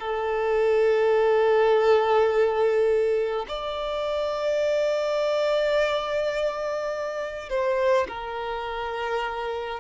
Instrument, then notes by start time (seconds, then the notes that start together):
violin
0.00 A4
3.49 D5
7.50 C5
8.08 A#4